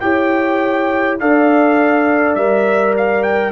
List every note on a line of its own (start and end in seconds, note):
0.00 1.20 E4
0.00 1.19 G4
0.00 1.20 C#5
0.00 1.18 G5
1.20 2.35 D4
1.20 2.38 A4
1.20 3.52 D5
1.20 2.35 F5
2.35 3.52 G3
2.35 3.52 A#4
2.35 2.94 E5
2.97 3.23 F5
3.23 3.52 G5